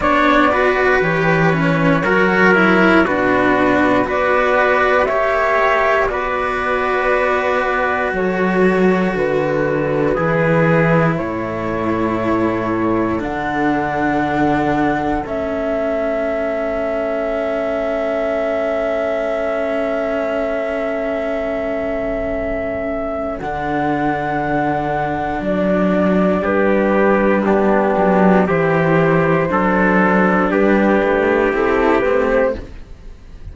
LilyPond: <<
  \new Staff \with { instrumentName = "flute" } { \time 4/4 \tempo 4 = 59 d''4 cis''2 b'4 | d''4 e''4 d''2 | cis''4 b'2 cis''4~ | cis''4 fis''2 e''4~ |
e''1~ | e''2. fis''4~ | fis''4 d''4 b'4 g'4 | c''2 b'4 a'8 b'16 c''16 | }
  \new Staff \with { instrumentName = "trumpet" } { \time 4/4 cis''8 b'4. ais'4 fis'4 | b'4 cis''4 b'2 | a'2 gis'4 a'4~ | a'1~ |
a'1~ | a'1~ | a'2 g'4 d'4 | g'4 a'4 g'2 | }
  \new Staff \with { instrumentName = "cello" } { \time 4/4 d'8 fis'8 g'8 cis'8 fis'8 e'8 d'4 | fis'4 g'4 fis'2~ | fis'2 e'2~ | e'4 d'2 cis'4~ |
cis'1~ | cis'2. d'4~ | d'2. b4 | e'4 d'2 e'8 c'8 | }
  \new Staff \with { instrumentName = "cello" } { \time 4/4 b4 e4 fis4 b,4 | b4 ais4 b2 | fis4 d4 e4 a,4~ | a,4 d2 a4~ |
a1~ | a2. d4~ | d4 fis4 g4. fis8 | e4 fis4 g8 a8 c'8 a8 | }
>>